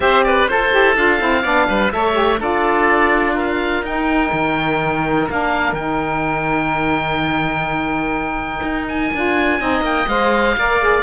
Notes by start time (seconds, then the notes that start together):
0.00 C4 G4 C5 E5
0.24 B4 D5
0.47 F4 A4 C5
0.71 E4 G4
0.95 D4 F4 F5
1.19 C4 E4
1.41 B3 D4 D5
1.68 G3 B4
1.91 A3 A4 C#5 E5
2.12 G4
2.39 D4 F4 A4 D5
3.34 A#4 F5
3.82 D#4 G5
4.32 D#3
5.29 A#3 D4 F5
5.72 D#3 D#4 G5
8.62 D#4
8.88 G#5
9.13 D4 F4
9.59 C4 D#4 D#5
9.81 A#3 G5
10.07 G#3 C5 F5
10.56 A#3 A#4 D5
10.80 G#4